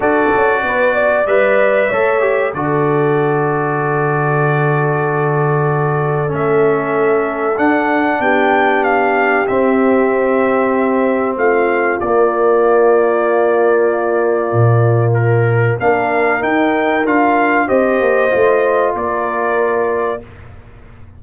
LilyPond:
<<
  \new Staff \with { instrumentName = "trumpet" } { \time 4/4 \tempo 4 = 95 d''2 e''2 | d''1~ | d''2 e''2 | fis''4 g''4 f''4 e''4~ |
e''2 f''4 d''4~ | d''1 | ais'4 f''4 g''4 f''4 | dis''2 d''2 | }
  \new Staff \with { instrumentName = "horn" } { \time 4/4 a'4 b'8 d''4. cis''4 | a'1~ | a'1~ | a'4 g'2.~ |
g'2 f'2~ | f'1~ | f'4 ais'2. | c''2 ais'2 | }
  \new Staff \with { instrumentName = "trombone" } { \time 4/4 fis'2 b'4 a'8 g'8 | fis'1~ | fis'2 cis'2 | d'2. c'4~ |
c'2. ais4~ | ais1~ | ais4 d'4 dis'4 f'4 | g'4 f'2. | }
  \new Staff \with { instrumentName = "tuba" } { \time 4/4 d'8 cis'8 b4 g4 a4 | d1~ | d2 a2 | d'4 b2 c'4~ |
c'2 a4 ais4~ | ais2. ais,4~ | ais,4 ais4 dis'4 d'4 | c'8 ais8 a4 ais2 | }
>>